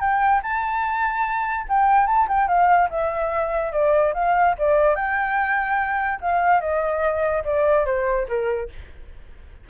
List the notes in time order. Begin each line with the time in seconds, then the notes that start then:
0.00 G5
0.43 A5
1.68 G5
2.07 A5
2.28 G5
2.48 F5
2.90 E5
3.72 D5
4.14 F5
4.58 D5
4.95 G5
6.21 F5
6.61 D#5
7.44 D5
7.85 C5
8.28 A#4